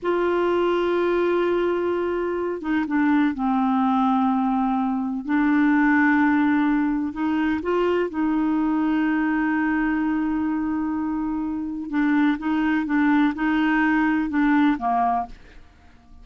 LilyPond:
\new Staff \with { instrumentName = "clarinet" } { \time 4/4 \tempo 4 = 126 f'1~ | f'4. dis'8 d'4 c'4~ | c'2. d'4~ | d'2. dis'4 |
f'4 dis'2.~ | dis'1~ | dis'4 d'4 dis'4 d'4 | dis'2 d'4 ais4 | }